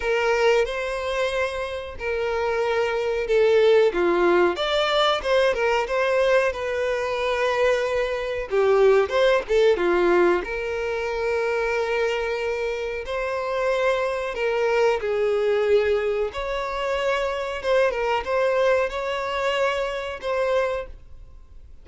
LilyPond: \new Staff \with { instrumentName = "violin" } { \time 4/4 \tempo 4 = 92 ais'4 c''2 ais'4~ | ais'4 a'4 f'4 d''4 | c''8 ais'8 c''4 b'2~ | b'4 g'4 c''8 a'8 f'4 |
ais'1 | c''2 ais'4 gis'4~ | gis'4 cis''2 c''8 ais'8 | c''4 cis''2 c''4 | }